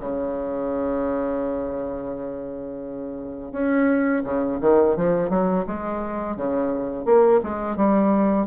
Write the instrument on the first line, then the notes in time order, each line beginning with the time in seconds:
bassoon
0.00 C#3
3.52 C#4
4.24 C#3
4.61 D#3
4.97 F3
5.29 F#3
5.67 G#3
6.36 C#3
7.05 A#3
7.43 G#3
7.76 G3